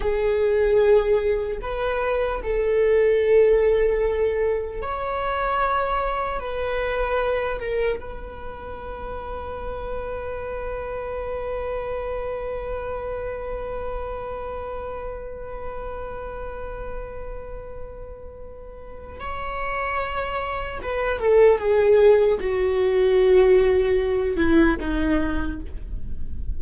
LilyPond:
\new Staff \with { instrumentName = "viola" } { \time 4/4 \tempo 4 = 75 gis'2 b'4 a'4~ | a'2 cis''2 | b'4. ais'8 b'2~ | b'1~ |
b'1~ | b'1 | cis''2 b'8 a'8 gis'4 | fis'2~ fis'8 e'8 dis'4 | }